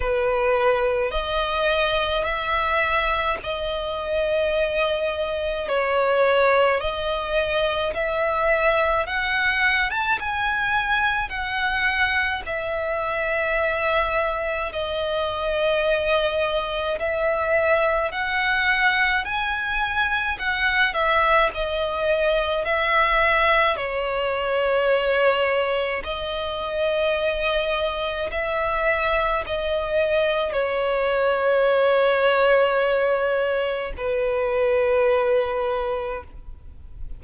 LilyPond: \new Staff \with { instrumentName = "violin" } { \time 4/4 \tempo 4 = 53 b'4 dis''4 e''4 dis''4~ | dis''4 cis''4 dis''4 e''4 | fis''8. a''16 gis''4 fis''4 e''4~ | e''4 dis''2 e''4 |
fis''4 gis''4 fis''8 e''8 dis''4 | e''4 cis''2 dis''4~ | dis''4 e''4 dis''4 cis''4~ | cis''2 b'2 | }